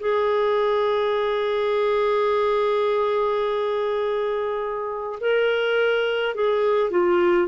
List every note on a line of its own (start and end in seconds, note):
0.00 5.19 G#4
5.20 6.35 A#4
6.35 6.91 G#4
6.91 7.48 F4